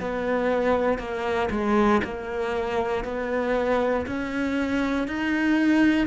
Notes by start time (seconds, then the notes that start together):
0.00 B3
0.98 A#3
1.51 G#3
2.04 A#3
3.05 B3
4.06 C#4
5.08 D#4